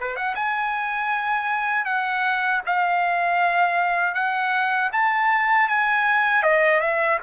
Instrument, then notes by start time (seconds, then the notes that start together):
trumpet
0.00 B4
0.16 F#5
0.35 G#5
1.85 F#5
2.66 F5
4.14 F#5
4.92 A5
5.68 G#5
6.43 D#5
6.80 E5